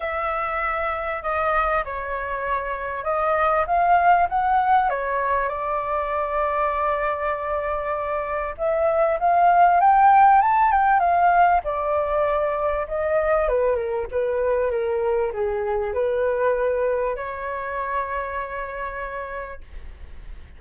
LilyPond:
\new Staff \with { instrumentName = "flute" } { \time 4/4 \tempo 4 = 98 e''2 dis''4 cis''4~ | cis''4 dis''4 f''4 fis''4 | cis''4 d''2.~ | d''2 e''4 f''4 |
g''4 a''8 g''8 f''4 d''4~ | d''4 dis''4 b'8 ais'8 b'4 | ais'4 gis'4 b'2 | cis''1 | }